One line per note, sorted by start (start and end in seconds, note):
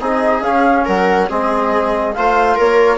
0.00 0.40 C4
0.00 0.44 D#4
0.00 0.85 G#4
0.00 0.43 D#5
0.40 0.84 C#4
0.40 1.29 C#4
0.40 0.86 F5
0.85 1.30 F#3
0.85 1.28 A#4
0.85 1.30 F#5
1.29 2.17 G#3
1.29 2.15 C4
1.29 2.15 G#4
1.29 2.14 D#5
2.14 2.59 A3
2.14 2.98 F4
2.14 2.55 C5
2.14 2.57 F5
2.55 2.98 A#3
2.55 2.98 A#4
2.55 2.98 C#5